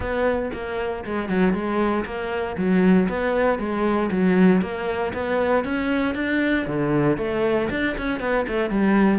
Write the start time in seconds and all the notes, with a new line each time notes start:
0.00 B3
0.53 A#3
1.04 G#3
1.29 F#3
1.53 G#3
2.05 A#3
2.57 F#3
3.09 B3
3.58 G#3
4.11 F#3
4.61 A#3
5.13 B3
5.64 C#4
6.14 D4
6.66 D3
7.17 A3
7.70 D4
7.97 C#4
8.20 B3
8.48 A3
8.69 G3